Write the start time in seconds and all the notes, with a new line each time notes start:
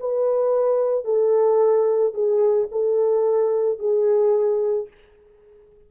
0.00 B4
1.05 A4
2.14 G#4
2.72 A4
3.79 G#4